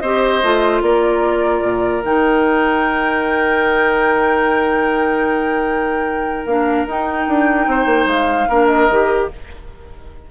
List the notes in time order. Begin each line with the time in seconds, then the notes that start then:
0.00 C4 G4 C5 D#5
0.43 A3 F4
0.82 A#3 A#4 D5
1.62 A#2
2.04 D#3 D#4 G5
6.46 A#3 D4 F5
6.87 D#4 G5
7.28 D4
7.67 C4 C5
7.86 A#3
8.07 G#3 F5
8.49 A#3 D4 A#4
8.66 D#5
8.90 D#3 G4